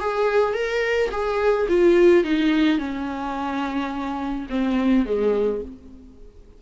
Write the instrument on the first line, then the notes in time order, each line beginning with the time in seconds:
viola
0.00 G#4
0.54 A#4
1.11 G#4
1.68 F4
2.24 D#4
2.79 C#4
4.50 C4
5.06 G#3